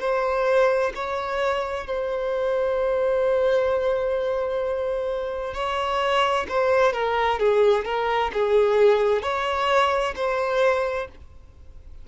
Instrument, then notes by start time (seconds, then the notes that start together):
violin
0.00 C5
0.95 C#5
1.87 C5
5.54 C#5
6.49 C5
6.93 A#4
7.39 G#4
7.85 A#4
8.33 G#4
9.22 C#5
10.15 C5